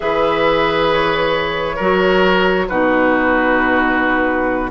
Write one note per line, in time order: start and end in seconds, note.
0.00 1.79 E3
0.00 1.76 G#4
0.00 1.76 B4
0.00 0.88 E5
0.92 2.68 C#5
1.76 2.68 F#3
1.76 2.69 F#4
1.76 2.65 A#4
2.68 4.70 B2
2.68 4.70 D#4
2.68 4.70 F#4
2.68 4.69 B4